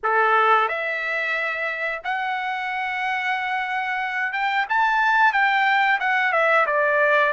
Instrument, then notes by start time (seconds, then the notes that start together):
trumpet
0.03 A4
0.68 E5
2.03 F#5
4.32 G5
4.69 A5
5.32 G5
6.00 F#5
6.32 E5
6.66 D5